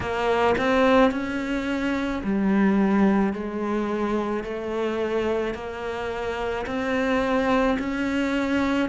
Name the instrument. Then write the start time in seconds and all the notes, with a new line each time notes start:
cello
0.00 A#3
0.58 C4
1.11 C#4
2.23 G3
3.33 G#3
4.43 A3
5.54 A#3
6.66 C4
7.78 C#4